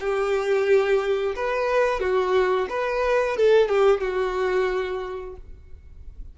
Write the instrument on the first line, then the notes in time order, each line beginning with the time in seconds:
violin
0.00 G4
1.35 B4
2.00 F#4
2.70 B4
3.36 A4
3.68 G4
4.01 F#4